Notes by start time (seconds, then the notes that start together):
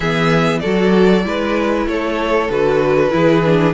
0.00 E3 B3 G#4 E5
0.59 F#3 F#4 A4 D5
1.23 G#3 E4 B4
1.86 A3 A4 C#5
2.49 D3 F#4 B4
3.10 E3 E4 G#4
3.45 D4